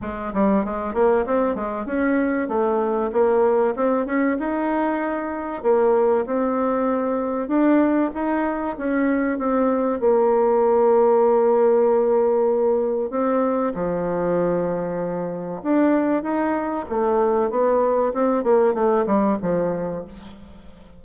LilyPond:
\new Staff \with { instrumentName = "bassoon" } { \time 4/4 \tempo 4 = 96 gis8 g8 gis8 ais8 c'8 gis8 cis'4 | a4 ais4 c'8 cis'8 dis'4~ | dis'4 ais4 c'2 | d'4 dis'4 cis'4 c'4 |
ais1~ | ais4 c'4 f2~ | f4 d'4 dis'4 a4 | b4 c'8 ais8 a8 g8 f4 | }